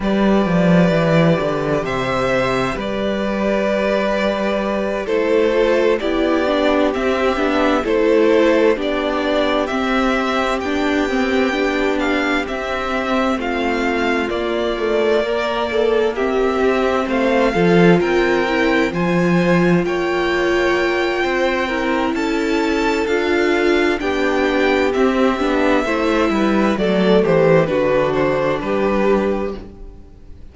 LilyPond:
<<
  \new Staff \with { instrumentName = "violin" } { \time 4/4 \tempo 4 = 65 d''2 e''4 d''4~ | d''4. c''4 d''4 e''8~ | e''8 c''4 d''4 e''4 g''8~ | g''4 f''8 e''4 f''4 d''8~ |
d''4. e''4 f''4 g''8~ | g''8 gis''4 g''2~ g''8 | a''4 f''4 g''4 e''4~ | e''4 d''8 c''8 b'8 c''8 b'4 | }
  \new Staff \with { instrumentName = "violin" } { \time 4/4 b'2 c''4 b'4~ | b'4. a'4 g'4.~ | g'8 a'4 g'2~ g'8~ | g'2~ g'8 f'4.~ |
f'8 ais'8 a'8 g'4 c''8 a'8 ais'8~ | ais'8 c''4 cis''4. c''8 ais'8 | a'2 g'2 | c''8 b'8 a'8 g'8 fis'4 g'4 | }
  \new Staff \with { instrumentName = "viola" } { \time 4/4 g'1~ | g'4. e'8 f'8 e'8 d'8 c'8 | d'8 e'4 d'4 c'4 d'8 | c'8 d'4 c'2 ais8 |
a8 ais4 c'4. f'4 | e'8 f'2. e'8~ | e'4 f'4 d'4 c'8 d'8 | e'4 a4 d'2 | }
  \new Staff \with { instrumentName = "cello" } { \time 4/4 g8 f8 e8 d8 c4 g4~ | g4. a4 b4 c'8 | b8 a4 b4 c'4 b8~ | b4. c'4 a4 ais8~ |
ais2 c'8 a8 f8 c'8~ | c'8 f4 ais4. c'4 | cis'4 d'4 b4 c'8 b8 | a8 g8 fis8 e8 d4 g4 | }
>>